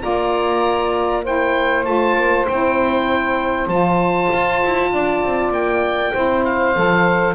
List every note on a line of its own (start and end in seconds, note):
0.00 1.87 A#3
0.00 1.22 F4
0.00 1.23 D5
0.00 1.24 A#5
1.23 1.85 E4
1.23 4.91 C5
1.23 1.85 G5
1.85 2.16 A3
1.85 2.46 F4
1.85 2.46 A5
2.16 2.46 A#3
2.48 3.67 C4
2.48 3.68 E4
2.48 3.68 G5
3.67 4.28 F3
3.67 6.13 F4
3.67 5.52 A5
4.33 4.63 F4
4.64 4.93 E4
4.92 5.23 D4
4.92 6.12 D5
5.24 5.51 C4
5.51 6.12 A#3
5.51 6.45 G5
6.12 6.76 C4
6.12 6.74 E4
6.12 7.34 C5
6.45 7.35 F5
6.75 7.35 F3
6.75 7.35 A4